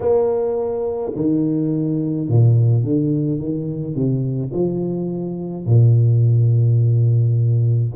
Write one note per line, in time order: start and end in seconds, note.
0.00 1.12 A#3
1.15 2.28 D#3
2.28 2.83 A#2
2.83 3.40 D3
3.40 3.95 D#3
3.95 4.51 C3
4.53 5.65 F3
5.65 7.91 A#2